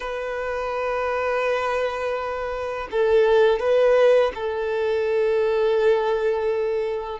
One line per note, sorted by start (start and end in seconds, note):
0.00 2.88 B4
2.91 3.59 A4
3.59 4.31 B4
4.34 7.19 A4